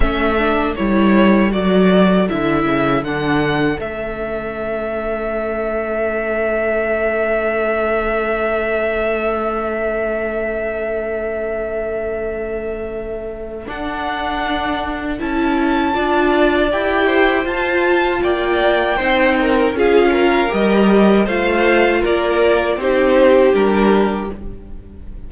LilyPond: <<
  \new Staff \with { instrumentName = "violin" } { \time 4/4 \tempo 4 = 79 e''4 cis''4 d''4 e''4 | fis''4 e''2.~ | e''1~ | e''1~ |
e''2 fis''2 | a''2 g''4 a''4 | g''2 f''4 dis''4 | f''4 d''4 c''4 ais'4 | }
  \new Staff \with { instrumentName = "violin" } { \time 4/4 a'1~ | a'1~ | a'1~ | a'1~ |
a'1~ | a'4 d''4. c''4. | d''4 c''8 ais'8 gis'8 ais'4. | c''4 ais'4 g'2 | }
  \new Staff \with { instrumentName = "viola" } { \time 4/4 cis'8 d'8 e'4 fis'4 e'4 | d'4 cis'2.~ | cis'1~ | cis'1~ |
cis'2 d'2 | e'4 f'4 g'4 f'4~ | f'4 dis'4 f'4 g'4 | f'2 dis'4 d'4 | }
  \new Staff \with { instrumentName = "cello" } { \time 4/4 a4 g4 fis4 d8 cis8 | d4 a2.~ | a1~ | a1~ |
a2 d'2 | cis'4 d'4 e'4 f'4 | ais4 c'4 cis'4 g4 | a4 ais4 c'4 g4 | }
>>